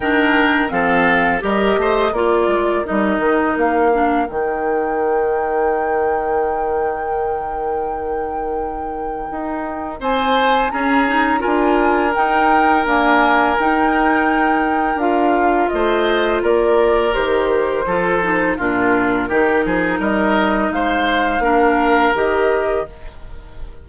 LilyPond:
<<
  \new Staff \with { instrumentName = "flute" } { \time 4/4 \tempo 4 = 84 g''4 f''4 dis''4 d''4 | dis''4 f''4 g''2~ | g''1~ | g''2 gis''4 ais''4 |
gis''4 g''4 gis''4 g''4~ | g''4 f''4 dis''4 d''4 | c''2 ais'2 | dis''4 f''2 dis''4 | }
  \new Staff \with { instrumentName = "oboe" } { \time 4/4 ais'4 a'4 ais'8 c''8 ais'4~ | ais'1~ | ais'1~ | ais'2 c''4 gis'4 |
ais'1~ | ais'2 c''4 ais'4~ | ais'4 a'4 f'4 g'8 gis'8 | ais'4 c''4 ais'2 | }
  \new Staff \with { instrumentName = "clarinet" } { \time 4/4 d'4 c'4 g'4 f'4 | dis'4. d'8 dis'2~ | dis'1~ | dis'2. cis'8 dis'8 |
f'4 dis'4 ais4 dis'4~ | dis'4 f'2. | g'4 f'8 dis'8 d'4 dis'4~ | dis'2 d'4 g'4 | }
  \new Staff \with { instrumentName = "bassoon" } { \time 4/4 dis4 f4 g8 a8 ais8 gis8 | g8 dis8 ais4 dis2~ | dis1~ | dis4 dis'4 c'4 cis'4 |
d'4 dis'4 d'4 dis'4~ | dis'4 d'4 a4 ais4 | dis4 f4 ais,4 dis8 f8 | g4 gis4 ais4 dis4 | }
>>